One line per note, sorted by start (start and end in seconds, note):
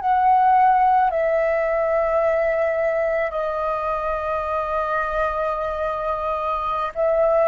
0.00 1.11 F#5
1.11 3.31 E5
3.31 6.92 D#5
6.95 7.48 E5